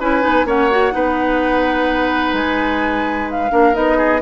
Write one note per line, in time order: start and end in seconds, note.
0.00 0.24 C#4
0.00 0.21 E4
0.00 0.47 B4
0.00 0.47 G#5
0.21 0.45 B3
0.21 0.44 D#4
0.45 0.92 A#3
0.45 0.70 C#4
0.45 0.93 C#5
0.45 2.35 F#5
0.71 0.91 F#4
0.91 2.33 B3
0.91 3.49 D#4
0.91 3.52 B4
2.33 3.50 G#3
2.33 3.29 G#5
3.30 3.75 F5
3.50 3.75 A#3
3.50 3.73 D4
3.50 3.98 A#4
3.74 4.22 B3
3.74 4.20 D#4
3.74 4.22 D#5
3.98 4.21 G#4